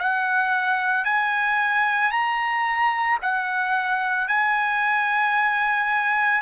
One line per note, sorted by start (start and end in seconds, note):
0.00 1.05 F#5
1.05 2.12 G#5
2.12 3.19 A#5
3.22 4.28 F#5
4.28 6.42 G#5